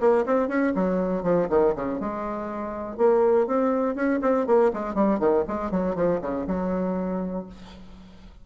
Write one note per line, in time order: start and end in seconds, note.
0.00 0.25 A#3
0.26 0.48 C4
0.48 0.73 C#4
0.75 1.23 F#3
1.23 1.47 F3
1.49 1.74 D#3
1.75 1.99 C#3
1.99 2.97 G#3
2.97 3.47 A#3
3.47 3.95 C4
3.95 4.20 C#4
4.21 4.46 C4
4.46 4.71 A#3
4.73 4.94 G#3
4.94 5.19 G3
5.19 5.44 D#3
5.48 5.71 G#3
5.71 5.95 F#3
5.95 6.20 F3
6.21 6.46 C#3
6.47 7.46 F#3